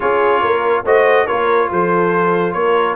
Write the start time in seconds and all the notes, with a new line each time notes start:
0.00 C#4 F4 G#4 C#5
0.41 A#3 A#4
0.84 A3 F#4 C5 D#5
1.26 A#3 F4 A#4 C#5
1.71 F3 A4 C5
2.52 A#3 A#4 C#5